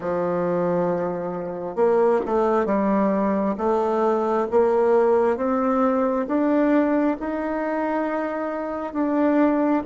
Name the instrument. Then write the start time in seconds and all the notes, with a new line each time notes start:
bassoon
0.00 F3
1.75 A#3
2.25 A3
2.65 G3
3.57 A3
4.51 A#3
5.36 C4
6.27 D4
7.19 D#4
8.93 D4